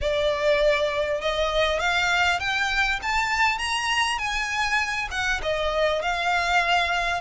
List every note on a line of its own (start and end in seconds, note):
0.01 1.21 D5
1.21 1.79 D#5
1.79 2.39 F5
2.39 2.99 G5
3.02 3.58 A5
3.58 4.18 A#5
4.18 5.08 G#5
5.10 5.40 F#5
5.42 6.02 D#5
6.02 7.21 F5